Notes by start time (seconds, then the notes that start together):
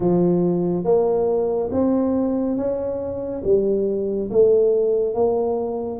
0.00 F3
0.84 A#3
1.71 C4
2.56 C#4
3.44 G3
4.30 A3
5.14 A#3